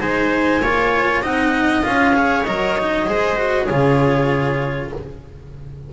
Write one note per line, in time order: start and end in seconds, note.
0.00 0.61 G#3
0.00 0.61 D#4
0.00 0.62 C5
0.00 1.23 G#5
0.61 1.22 A#3
0.61 1.23 F4
0.61 1.22 C#5
1.22 1.84 C4
1.22 1.83 D#4
1.22 2.14 D#5
1.22 1.83 F#5
1.83 2.47 C#4
1.83 2.13 F4
1.83 2.44 F5
2.14 2.45 G#4
2.14 3.09 C#5
2.44 3.08 F#3
2.44 2.78 A#4
2.44 3.66 D#5
2.78 3.06 D#4
3.06 3.70 G#3
3.06 3.37 G#4
3.06 3.64 C5
3.37 3.68 F#4
3.64 4.86 G#4
3.64 4.89 C#5
3.70 4.93 C#3
3.70 4.93 F4